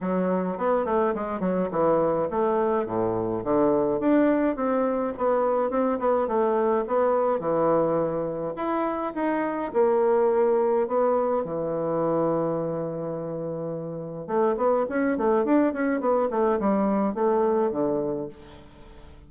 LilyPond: \new Staff \with { instrumentName = "bassoon" } { \time 4/4 \tempo 4 = 105 fis4 b8 a8 gis8 fis8 e4 | a4 a,4 d4 d'4 | c'4 b4 c'8 b8 a4 | b4 e2 e'4 |
dis'4 ais2 b4 | e1~ | e4 a8 b8 cis'8 a8 d'8 cis'8 | b8 a8 g4 a4 d4 | }